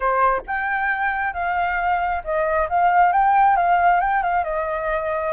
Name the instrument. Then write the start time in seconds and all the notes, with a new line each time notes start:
flute
0.00 C5
0.46 G5
1.33 F5
2.23 D#5
2.69 F5
3.12 G5
3.56 F5
4.00 G5
4.22 F5
4.43 D#5